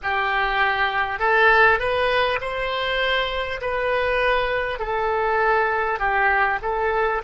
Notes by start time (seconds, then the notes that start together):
0.03 G4
1.19 A4
1.79 B4
2.40 C5
3.61 B4
4.79 A4
5.99 G4
6.62 A4